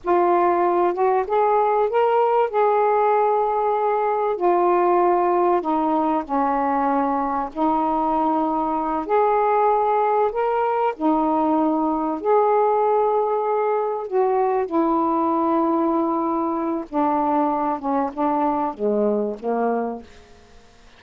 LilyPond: \new Staff \with { instrumentName = "saxophone" } { \time 4/4 \tempo 4 = 96 f'4. fis'8 gis'4 ais'4 | gis'2. f'4~ | f'4 dis'4 cis'2 | dis'2~ dis'8 gis'4.~ |
gis'8 ais'4 dis'2 gis'8~ | gis'2~ gis'8 fis'4 e'8~ | e'2. d'4~ | d'8 cis'8 d'4 gis4 ais4 | }